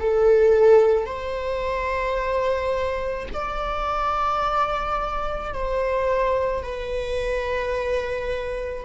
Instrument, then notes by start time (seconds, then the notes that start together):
viola
0.00 A4
1.07 C5
3.34 D5
5.54 C5
6.63 B4